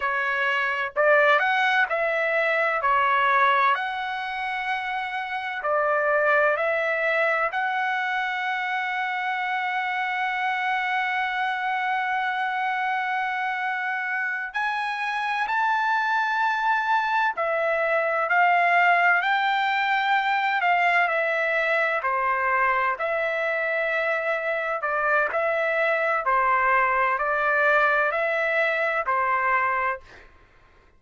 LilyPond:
\new Staff \with { instrumentName = "trumpet" } { \time 4/4 \tempo 4 = 64 cis''4 d''8 fis''8 e''4 cis''4 | fis''2 d''4 e''4 | fis''1~ | fis''2.~ fis''8 gis''8~ |
gis''8 a''2 e''4 f''8~ | f''8 g''4. f''8 e''4 c''8~ | c''8 e''2 d''8 e''4 | c''4 d''4 e''4 c''4 | }